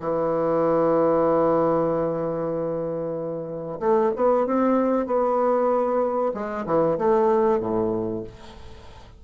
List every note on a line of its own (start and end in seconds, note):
0.00 3.79 E3
3.80 4.11 A3
4.16 4.46 B3
4.46 5.06 C4
5.06 6.32 B3
6.34 6.65 G#3
6.66 6.98 E3
6.98 7.60 A3
7.60 8.23 A2